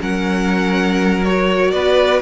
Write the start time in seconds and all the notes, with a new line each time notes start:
0.00 F#3 C#4 A#4 F#5
1.24 F#4 C#5
1.71 B3 B4 D5